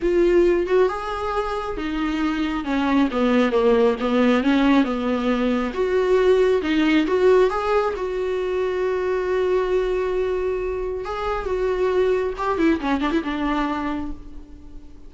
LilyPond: \new Staff \with { instrumentName = "viola" } { \time 4/4 \tempo 4 = 136 f'4. fis'8 gis'2 | dis'2 cis'4 b4 | ais4 b4 cis'4 b4~ | b4 fis'2 dis'4 |
fis'4 gis'4 fis'2~ | fis'1~ | fis'4 gis'4 fis'2 | g'8 e'8 cis'8 d'16 e'16 d'2 | }